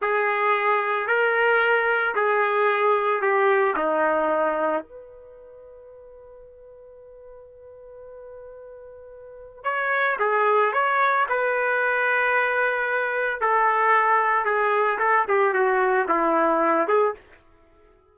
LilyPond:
\new Staff \with { instrumentName = "trumpet" } { \time 4/4 \tempo 4 = 112 gis'2 ais'2 | gis'2 g'4 dis'4~ | dis'4 b'2.~ | b'1~ |
b'2 cis''4 gis'4 | cis''4 b'2.~ | b'4 a'2 gis'4 | a'8 g'8 fis'4 e'4. gis'8 | }